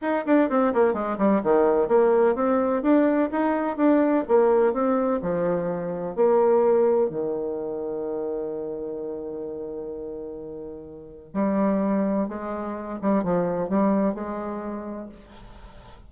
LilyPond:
\new Staff \with { instrumentName = "bassoon" } { \time 4/4 \tempo 4 = 127 dis'8 d'8 c'8 ais8 gis8 g8 dis4 | ais4 c'4 d'4 dis'4 | d'4 ais4 c'4 f4~ | f4 ais2 dis4~ |
dis1~ | dis1 | g2 gis4. g8 | f4 g4 gis2 | }